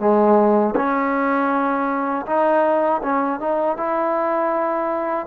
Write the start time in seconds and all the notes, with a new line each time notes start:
0.00 G#3
0.76 C#4
2.27 D#4
3.03 C#4
3.40 D#4
3.77 E4